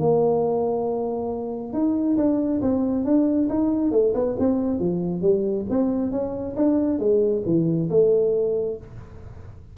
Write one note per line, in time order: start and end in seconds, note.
0.00 1.73 A#3
1.73 2.17 D#4
2.17 2.61 D4
2.62 3.05 C4
3.05 3.49 D4
3.50 3.92 D#4
3.92 4.14 A3
4.14 4.36 B3
4.39 4.80 C4
4.80 5.22 F3
5.22 5.66 G3
5.70 6.12 C4
6.12 6.56 C#4
6.57 6.99 D4
6.99 7.43 G#3
7.46 7.90 E3
7.90 8.78 A3